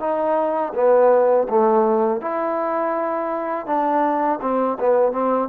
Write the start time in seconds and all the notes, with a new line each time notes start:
0.00 D#4
0.75 B3
1.49 A3
2.21 E4
3.67 D4
4.42 C4
4.80 B3
5.13 C4